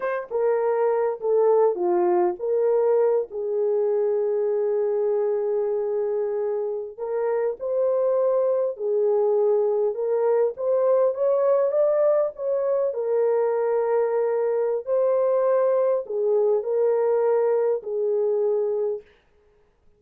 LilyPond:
\new Staff \with { instrumentName = "horn" } { \time 4/4 \tempo 4 = 101 c''8 ais'4. a'4 f'4 | ais'4. gis'2~ gis'8~ | gis'2.~ gis'8. ais'16~ | ais'8. c''2 gis'4~ gis'16~ |
gis'8. ais'4 c''4 cis''4 d''16~ | d''8. cis''4 ais'2~ ais'16~ | ais'4 c''2 gis'4 | ais'2 gis'2 | }